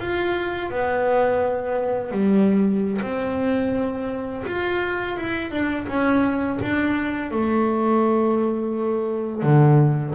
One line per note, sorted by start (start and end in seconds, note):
0.00 0.70 F4
0.70 2.12 B3
2.12 3.01 G3
3.02 4.44 C4
4.46 5.18 F4
5.18 5.51 E4
5.51 5.87 D4
5.88 6.59 C#4
6.62 7.31 D4
7.31 9.43 A3
9.43 10.14 D3